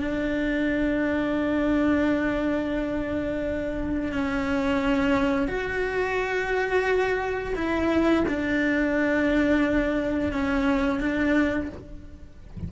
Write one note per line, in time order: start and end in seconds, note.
0.00 4.12 D4
4.12 5.48 C#4
5.48 7.55 F#4
7.56 8.25 E4
8.28 10.33 D4
10.33 11.00 C#4
11.00 11.69 D4